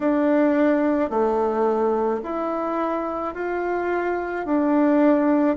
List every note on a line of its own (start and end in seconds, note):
0.00 1.10 D4
1.10 2.21 A3
2.23 3.34 E4
3.34 4.45 F4
4.45 5.57 D4